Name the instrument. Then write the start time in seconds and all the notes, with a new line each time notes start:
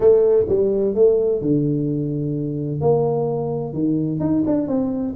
tuba
0.00 A3
0.48 G3
0.95 A3
1.41 D3
2.80 A#3
3.73 D#3
4.20 D#4
4.46 D4
4.67 C4